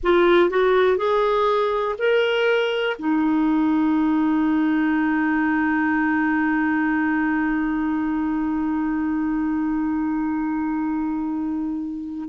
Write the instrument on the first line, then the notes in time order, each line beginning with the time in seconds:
clarinet
0.03 F4
0.50 F#4
0.97 G#4
1.98 A#4
2.99 D#4